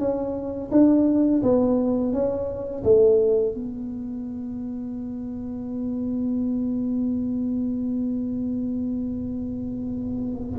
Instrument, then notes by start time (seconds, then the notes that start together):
tuba
0.00 C#4
0.72 D4
1.43 B3
2.13 C#4
2.84 A3
3.55 B3